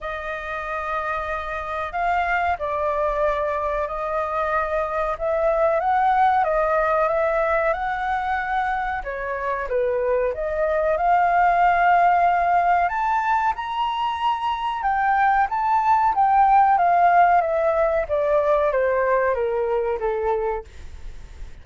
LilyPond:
\new Staff \with { instrumentName = "flute" } { \time 4/4 \tempo 4 = 93 dis''2. f''4 | d''2 dis''2 | e''4 fis''4 dis''4 e''4 | fis''2 cis''4 b'4 |
dis''4 f''2. | a''4 ais''2 g''4 | a''4 g''4 f''4 e''4 | d''4 c''4 ais'4 a'4 | }